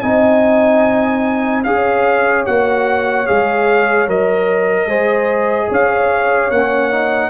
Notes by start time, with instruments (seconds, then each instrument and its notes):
0.00 tuba C4, trombone D#4, horn D#5, trumpet G#5
1.63 tuba C#4, trombone G#4, horn C#5, trumpet F5
2.45 tuba A#3, trombone F#4, trumpet F#5
3.26 tuba G#3, trombone G#4, trumpet F5
4.07 tuba F#3, trombone A#4, trumpet D#5
4.86 tuba G#3, trombone G#4, horn C5
5.69 tuba C#4, horn C#5, trumpet F5
6.50 tuba A#3, trombone C#4, trumpet F#5
6.91 trombone D#4